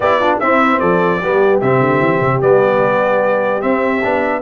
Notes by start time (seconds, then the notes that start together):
0.00 B3 E4 G4 D5
0.19 D4 F4
0.39 C4 E4 E5
0.79 F3 A4 D5
1.20 G3 B3 G4
1.61 C3 C4 E5
1.80 D3
2.00 E3
2.21 C3
2.41 G3 B3 D5
3.61 C4 E5
4.02 B3 D4